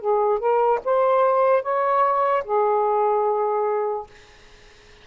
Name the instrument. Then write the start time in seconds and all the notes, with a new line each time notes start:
saxophone
0.00 G#4
0.39 A#4
0.84 C5
1.62 C#5
2.44 G#4